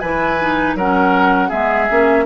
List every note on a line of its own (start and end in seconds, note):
0.00 0.75 E3
0.00 0.41 E4
0.00 0.77 B4
0.00 0.75 G#5
0.41 0.78 D#4
0.75 1.50 F#3
0.75 1.50 C#4
0.75 1.49 A#4
0.75 1.51 F#5
1.49 1.90 G#3
1.49 1.88 B3
1.49 2.24 G#4
1.49 2.26 E5
1.90 2.26 A#3
1.90 2.26 C#4